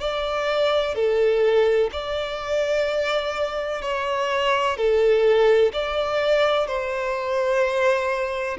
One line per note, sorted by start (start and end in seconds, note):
0.00 0.95 D5
0.95 1.90 A4
1.93 3.82 D5
3.82 4.77 C#5
4.77 5.73 A4
5.74 6.68 D5
6.68 8.58 C5